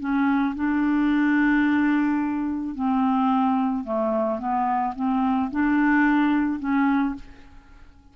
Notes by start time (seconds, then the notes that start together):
0.00 C#4
0.56 D4
2.75 C4
3.84 A3
4.39 B3
4.96 C4
5.51 D4
6.60 C#4